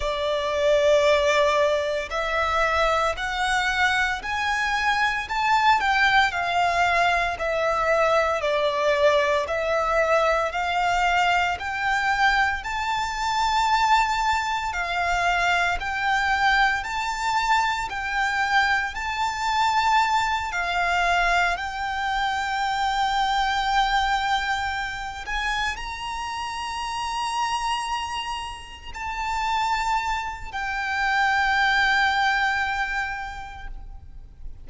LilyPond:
\new Staff \with { instrumentName = "violin" } { \time 4/4 \tempo 4 = 57 d''2 e''4 fis''4 | gis''4 a''8 g''8 f''4 e''4 | d''4 e''4 f''4 g''4 | a''2 f''4 g''4 |
a''4 g''4 a''4. f''8~ | f''8 g''2.~ g''8 | gis''8 ais''2. a''8~ | a''4 g''2. | }